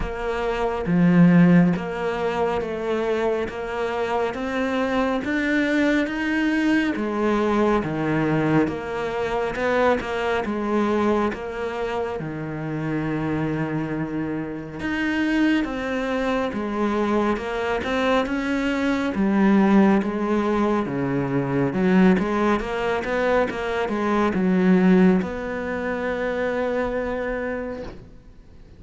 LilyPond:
\new Staff \with { instrumentName = "cello" } { \time 4/4 \tempo 4 = 69 ais4 f4 ais4 a4 | ais4 c'4 d'4 dis'4 | gis4 dis4 ais4 b8 ais8 | gis4 ais4 dis2~ |
dis4 dis'4 c'4 gis4 | ais8 c'8 cis'4 g4 gis4 | cis4 fis8 gis8 ais8 b8 ais8 gis8 | fis4 b2. | }